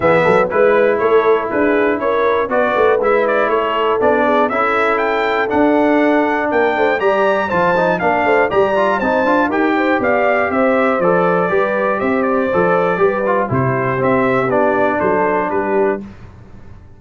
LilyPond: <<
  \new Staff \with { instrumentName = "trumpet" } { \time 4/4 \tempo 4 = 120 e''4 b'4 cis''4 b'4 | cis''4 d''4 e''8 d''8 cis''4 | d''4 e''4 g''4 fis''4~ | fis''4 g''4 ais''4 a''4 |
f''4 ais''4 a''4 g''4 | f''4 e''4 d''2 | e''8 d''2~ d''8 c''4 | e''4 d''4 c''4 b'4 | }
  \new Staff \with { instrumentName = "horn" } { \time 4/4 gis'8 a'8 b'4 a'4 gis'4 | ais'4 b'2 a'4~ | a'8 gis'8 a'2.~ | a'4 ais'8 c''8 d''4 c''4 |
ais'8 c''8 d''4 c''4 ais'8 c''8 | d''4 c''2 b'4 | c''2 b'4 g'4~ | g'2 a'4 g'4 | }
  \new Staff \with { instrumentName = "trombone" } { \time 4/4 b4 e'2.~ | e'4 fis'4 e'2 | d'4 e'2 d'4~ | d'2 g'4 f'8 dis'8 |
d'4 g'8 f'8 dis'8 f'8 g'4~ | g'2 a'4 g'4~ | g'4 a'4 g'8 f'8 e'4 | c'4 d'2. | }
  \new Staff \with { instrumentName = "tuba" } { \time 4/4 e8 fis8 gis4 a4 d'4 | cis'4 b8 a8 gis4 a4 | b4 cis'2 d'4~ | d'4 ais8 a8 g4 f4 |
ais8 a8 g4 c'8 d'8 dis'4 | b4 c'4 f4 g4 | c'4 f4 g4 c4 | c'4 b4 fis4 g4 | }
>>